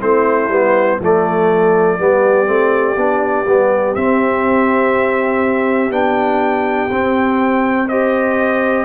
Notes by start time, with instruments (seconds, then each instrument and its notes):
0.00 tuba A3, trombone C4, horn E4, trumpet C5
0.49 tuba G3, trombone B3
1.00 tuba F3, trombone A3, horn A4, trumpet D5
1.99 tuba G3, trombone B3, horn G4
2.47 tuba A3, trombone C4
2.96 tuba B3, trombone D4
3.46 tuba G3, trombone B3
3.95 tuba C4, trombone C4, trumpet E5
5.91 tuba B3, trombone D4, trumpet G5
6.91 tuba C4, trombone C4
7.89 trombone G4, horn C5, trumpet D#5